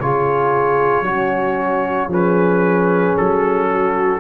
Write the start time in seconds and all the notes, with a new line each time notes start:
0.00 C#3 F4 G#4 C#5
1.02 F#3 C#4 F#4
2.08 F3 C#4 G#4 B4
3.17 F#3 A4
3.72 F#4